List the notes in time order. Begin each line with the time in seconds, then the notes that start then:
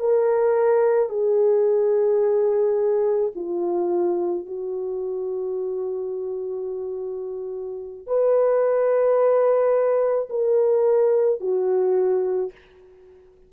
0.00 A#4
1.09 G#4
3.35 F4
4.46 F#4
8.07 B4
10.30 A#4
11.40 F#4